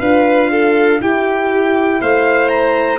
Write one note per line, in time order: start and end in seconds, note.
0.00 1.00 D4
0.00 0.99 F4
0.00 0.50 B4
0.00 1.00 F5
0.51 1.01 A4
0.99 2.99 E4
0.99 2.00 E4
0.99 2.00 G4
0.99 2.01 G5
2.00 2.99 A3
2.00 2.99 C5
2.00 2.48 F5
2.48 2.98 A#5